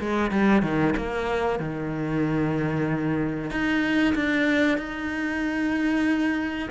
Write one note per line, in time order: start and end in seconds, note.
0.00 0.31 G#3
0.31 0.62 G3
0.62 0.94 D#3
0.97 1.60 A#3
1.60 3.51 D#3
3.51 4.15 D#4
4.15 4.78 D4
4.78 6.69 D#4